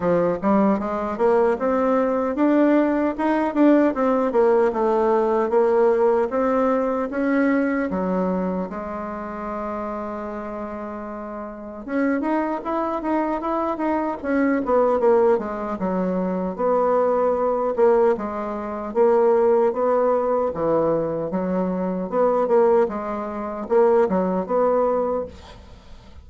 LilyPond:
\new Staff \with { instrumentName = "bassoon" } { \time 4/4 \tempo 4 = 76 f8 g8 gis8 ais8 c'4 d'4 | dis'8 d'8 c'8 ais8 a4 ais4 | c'4 cis'4 fis4 gis4~ | gis2. cis'8 dis'8 |
e'8 dis'8 e'8 dis'8 cis'8 b8 ais8 gis8 | fis4 b4. ais8 gis4 | ais4 b4 e4 fis4 | b8 ais8 gis4 ais8 fis8 b4 | }